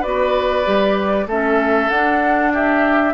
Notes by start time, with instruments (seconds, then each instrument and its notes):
0.00 bassoon B3, clarinet F#4, oboe B4, flute D5
0.64 bassoon G3, clarinet G4
1.26 bassoon A3, clarinet C#4, oboe A4, flute E5
1.89 bassoon D4, clarinet D4, flute F#5
2.53 oboe G4, flute E5